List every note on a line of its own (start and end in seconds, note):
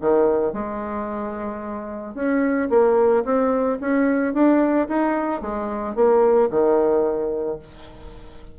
0.00 0.53 D#3
0.53 2.14 G#3
2.14 2.69 C#4
2.70 3.24 A#3
3.24 3.78 C4
3.80 4.33 C#4
4.33 4.87 D4
4.88 5.41 D#4
5.41 5.95 G#3
5.95 6.49 A#3
6.50 7.58 D#3